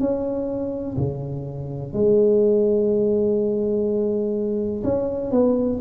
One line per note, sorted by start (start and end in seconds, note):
0.00 0.97 C#4
0.97 1.93 C#3
1.93 4.83 G#3
4.83 5.31 C#4
5.31 5.80 B3